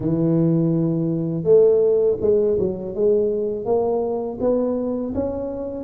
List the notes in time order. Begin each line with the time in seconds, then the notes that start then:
0.00 E3
1.43 A3
2.21 G#3
2.58 F#3
2.94 G#3
3.65 A#3
4.40 B3
5.14 C#4